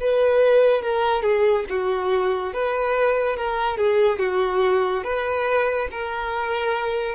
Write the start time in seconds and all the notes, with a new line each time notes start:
0.00 B4
0.82 A#4
1.22 G#4
1.69 F#4
2.53 B4
3.36 A#4
3.77 G#4
4.19 F#4
5.03 B4
5.91 A#4